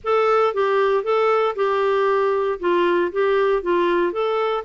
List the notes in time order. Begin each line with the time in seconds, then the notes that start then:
0.04 A4
0.54 G4
1.03 A4
1.55 G4
2.59 F4
3.12 G4
3.62 F4
4.12 A4